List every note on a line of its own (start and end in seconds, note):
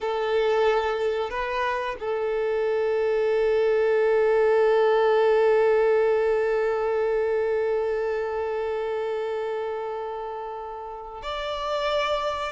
0.01 1.29 A4
1.29 1.95 B4
1.99 11.22 A4
11.22 12.52 D5